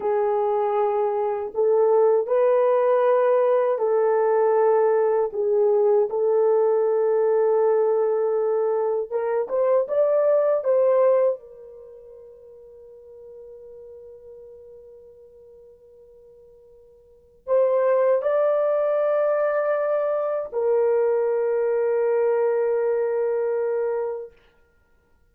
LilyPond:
\new Staff \with { instrumentName = "horn" } { \time 4/4 \tempo 4 = 79 gis'2 a'4 b'4~ | b'4 a'2 gis'4 | a'1 | ais'8 c''8 d''4 c''4 ais'4~ |
ais'1~ | ais'2. c''4 | d''2. ais'4~ | ais'1 | }